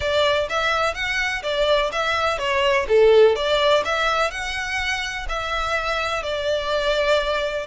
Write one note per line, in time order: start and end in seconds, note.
0.00 0.48 D5
0.49 0.94 E5
0.94 1.42 F#5
1.42 1.90 D5
1.92 2.38 E5
2.38 2.86 C#5
2.88 3.35 A4
3.35 3.83 D5
3.84 4.30 E5
4.30 5.26 F#5
5.28 6.23 E5
6.23 7.67 D5